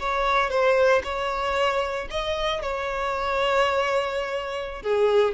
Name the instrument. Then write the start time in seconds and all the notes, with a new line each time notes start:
violin
0.00 C#5
0.50 C5
1.04 C#5
2.11 D#5
2.62 C#5
4.83 G#4